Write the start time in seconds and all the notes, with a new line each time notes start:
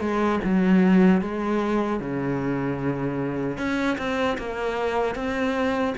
0.00 G#3
0.44 F#3
1.21 G#3
2.00 C#3
3.57 C#4
3.98 C4
4.38 A#3
5.15 C4